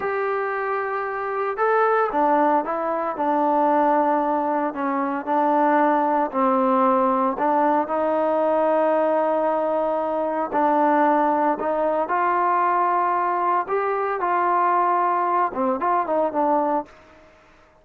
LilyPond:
\new Staff \with { instrumentName = "trombone" } { \time 4/4 \tempo 4 = 114 g'2. a'4 | d'4 e'4 d'2~ | d'4 cis'4 d'2 | c'2 d'4 dis'4~ |
dis'1 | d'2 dis'4 f'4~ | f'2 g'4 f'4~ | f'4. c'8 f'8 dis'8 d'4 | }